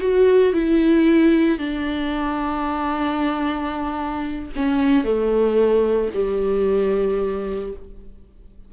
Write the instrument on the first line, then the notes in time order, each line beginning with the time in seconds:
viola
0.00 F#4
0.53 E4
1.58 D4
4.55 C#4
5.04 A3
6.14 G3